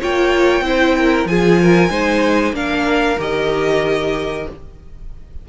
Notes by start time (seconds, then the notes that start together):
0.00 A#3 F4 C#5 G5
0.61 C4 E4 C5
0.97 A#4
1.25 F3 F4 G#4 G#5
1.61 A#4
1.90 G#3 D#4 C5
2.52 A#3 D4 A#4 F5
3.18 D#3 G4 D#5